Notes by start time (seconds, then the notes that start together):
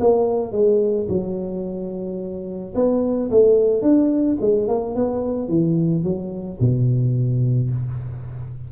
0.00 A#3
0.52 G#3
1.09 F#3
2.75 B3
3.31 A3
3.82 D4
4.41 G#3
4.68 A#3
4.95 B3
5.48 E3
6.04 F#3
6.60 B2